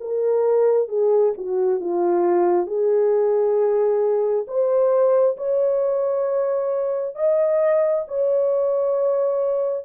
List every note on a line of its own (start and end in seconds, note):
0.00 0.88 A#4
0.88 1.33 G#4
1.37 1.80 F#4
1.80 2.67 F4
2.67 4.46 G#4
4.47 5.36 C5
5.37 7.15 C#5
7.15 8.05 D#5
8.08 9.85 C#5